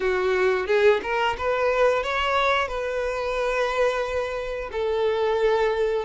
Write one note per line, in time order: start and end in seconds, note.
0.00 0.66 F#4
0.66 1.00 G#4
1.02 1.36 A#4
1.38 2.03 B4
2.03 2.68 C#5
2.68 4.70 B4
4.72 6.05 A4